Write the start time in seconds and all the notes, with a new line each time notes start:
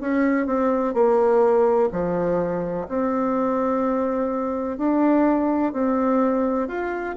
0.00 C#4
0.46 C4
0.94 A#3
1.92 F3
2.88 C4
4.77 D4
5.72 C4
6.68 F4